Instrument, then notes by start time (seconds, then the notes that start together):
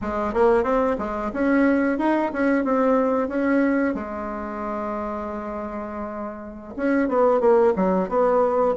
bassoon
0.01 G#3
0.33 A#3
0.63 C4
0.98 G#3
1.33 C#4
1.98 D#4
2.33 C#4
2.64 C4
3.28 C#4
3.94 G#3
6.76 C#4
7.08 B3
7.40 A#3
7.76 F#3
8.08 B3